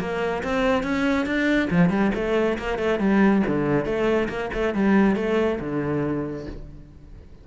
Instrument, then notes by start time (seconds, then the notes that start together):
cello
0.00 A#3
0.43 C4
0.83 C#4
1.26 D4
1.71 F3
1.90 G3
2.15 A3
2.59 A#3
2.79 A3
3.00 G3
3.47 D3
3.86 A3
4.29 A#3
4.54 A3
4.74 G3
5.16 A3
5.60 D3